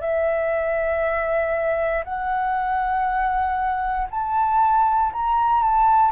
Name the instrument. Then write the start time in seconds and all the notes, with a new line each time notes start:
flute
0.00 E5
2.04 F#5
4.10 A5
5.12 A#5
5.62 A5